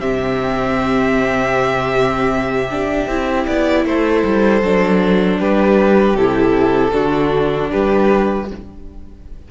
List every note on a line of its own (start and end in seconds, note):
0.00 3.08 C3
0.00 2.70 C4
0.00 3.85 G4
0.00 3.47 E5
2.71 3.09 D4
3.08 3.46 C4
3.08 4.63 E4
3.47 3.85 B3
3.47 3.85 D5
3.85 4.24 A3
3.85 5.40 A4
3.85 5.40 C5
4.25 4.62 G3
4.62 5.39 F#3
4.62 6.18 D4
5.40 6.14 G3
5.40 6.94 G4
5.40 6.17 B4
6.14 6.91 C3
6.14 6.92 E4
6.14 7.71 A4
6.92 7.71 D3
6.92 8.46 D4
6.92 7.71 F#4
7.71 8.51 G3
7.71 8.48 G4
7.71 8.49 B4